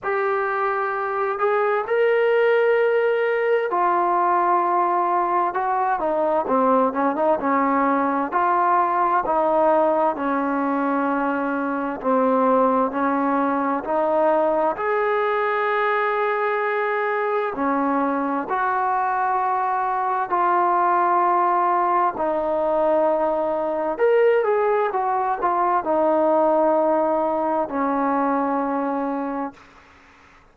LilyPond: \new Staff \with { instrumentName = "trombone" } { \time 4/4 \tempo 4 = 65 g'4. gis'8 ais'2 | f'2 fis'8 dis'8 c'8 cis'16 dis'16 | cis'4 f'4 dis'4 cis'4~ | cis'4 c'4 cis'4 dis'4 |
gis'2. cis'4 | fis'2 f'2 | dis'2 ais'8 gis'8 fis'8 f'8 | dis'2 cis'2 | }